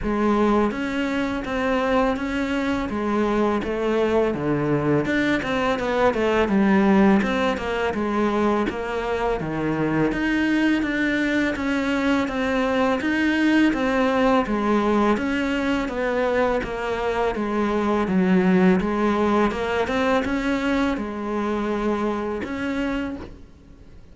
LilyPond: \new Staff \with { instrumentName = "cello" } { \time 4/4 \tempo 4 = 83 gis4 cis'4 c'4 cis'4 | gis4 a4 d4 d'8 c'8 | b8 a8 g4 c'8 ais8 gis4 | ais4 dis4 dis'4 d'4 |
cis'4 c'4 dis'4 c'4 | gis4 cis'4 b4 ais4 | gis4 fis4 gis4 ais8 c'8 | cis'4 gis2 cis'4 | }